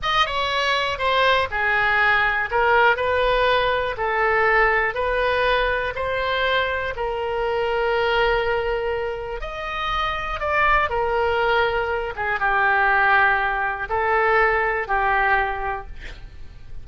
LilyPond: \new Staff \with { instrumentName = "oboe" } { \time 4/4 \tempo 4 = 121 dis''8 cis''4. c''4 gis'4~ | gis'4 ais'4 b'2 | a'2 b'2 | c''2 ais'2~ |
ais'2. dis''4~ | dis''4 d''4 ais'2~ | ais'8 gis'8 g'2. | a'2 g'2 | }